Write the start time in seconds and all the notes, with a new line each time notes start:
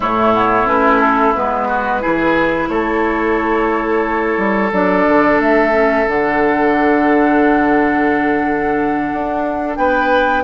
0.00 A2 A3 E4 C#5
0.34 B3
0.67 A3 C#4 B4
0.99 A4
1.34 G#3 B3 B4
1.68 F#4
2.01 E3 E4 G#4
2.68 A3 A4 C#5
4.37 G3
4.72 F#3 D4 D5
5.08 D3
5.38 A3 E5
5.71 C#4
6.07 D3 D4 F#5
9.12 D4
9.76 B3 B4 G5